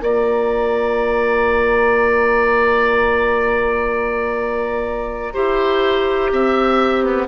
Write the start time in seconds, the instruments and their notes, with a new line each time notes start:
0.00 bassoon A#3, clarinet F4, oboe D5, flute A#5
5.33 bassoon E4, clarinet G4, oboe C5
6.32 bassoon C4, oboe E5
7.03 oboe B3